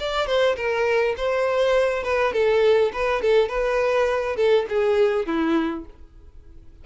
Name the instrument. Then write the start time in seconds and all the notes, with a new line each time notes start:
violin
0.00 D5
0.27 C5
0.57 A#4
1.17 C5
2.04 B4
2.33 A4
2.94 B4
3.22 A4
3.49 B4
4.37 A4
4.70 G#4
5.26 E4